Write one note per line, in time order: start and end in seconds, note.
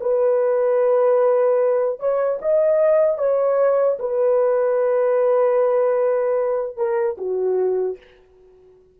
0.00 1.99 B4
1.99 2.39 C#5
2.41 3.18 D#5
3.18 3.98 C#5
3.99 6.76 B4
6.76 7.16 A#4
7.17 7.97 F#4